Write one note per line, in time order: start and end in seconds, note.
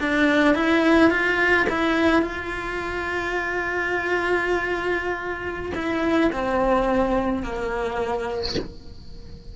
0.00 0.55 D4
0.55 1.11 E4
1.11 1.67 F4
1.70 2.22 E4
2.22 5.72 F4
5.75 6.31 E4
6.32 7.43 C4
7.43 8.55 A#3